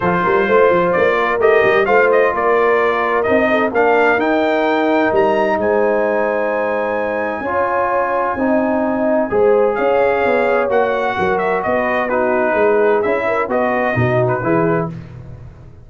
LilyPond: <<
  \new Staff \with { instrumentName = "trumpet" } { \time 4/4 \tempo 4 = 129 c''2 d''4 dis''4 | f''8 dis''8 d''2 dis''4 | f''4 g''2 ais''4 | gis''1~ |
gis''1~ | gis''4 f''2 fis''4~ | fis''8 e''8 dis''4 b'2 | e''4 dis''4.~ dis''16 b'4~ b'16 | }
  \new Staff \with { instrumentName = "horn" } { \time 4/4 a'8 ais'8 c''4. ais'4. | c''4 ais'2~ ais'8 a'8 | ais'1 | c''1 |
cis''2 dis''2 | c''4 cis''2. | ais'4 b'4 fis'4 gis'4~ | gis'8 ais'8 b'4 fis'4 gis'4 | }
  \new Staff \with { instrumentName = "trombone" } { \time 4/4 f'2. g'4 | f'2. dis'4 | d'4 dis'2.~ | dis'1 |
f'2 dis'2 | gis'2. fis'4~ | fis'2 dis'2 | e'4 fis'4 dis'4 e'4 | }
  \new Staff \with { instrumentName = "tuba" } { \time 4/4 f8 g8 a8 f8 ais4 a8 g8 | a4 ais2 c'4 | ais4 dis'2 g4 | gis1 |
cis'2 c'2 | gis4 cis'4 b4 ais4 | fis4 b2 gis4 | cis'4 b4 b,4 e4 | }
>>